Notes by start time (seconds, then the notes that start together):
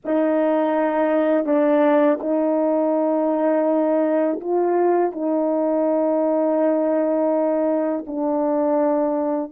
0.04 D#4
1.45 D4
2.20 D#4
4.40 F4
5.12 D#4
8.06 D4